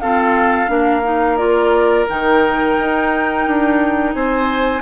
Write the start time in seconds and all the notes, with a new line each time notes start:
0.00 C4 F4 A4 F5
0.68 A#3 D4 A#4
1.04 D#4
1.37 F4 D5
2.09 D#3 D#4 G5
2.79 D#4
3.47 D4
4.14 C4 C5 G#5